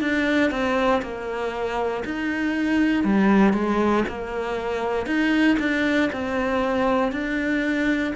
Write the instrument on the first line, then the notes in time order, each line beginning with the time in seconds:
cello
0.00 D4
0.50 C4
1.02 A#3
2.04 D#4
3.04 G3
3.53 G#3
4.08 A#3
5.06 D#4
5.59 D4
6.12 C4
7.11 D4